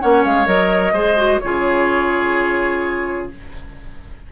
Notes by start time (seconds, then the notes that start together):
0.00 A#3 C#4 C#5 F#5
0.25 G#3 F5
0.46 F#3 A#4 D#5
0.93 G#3 G#4 C5
1.17 F#4
1.40 C#3 F4 G#4 C#5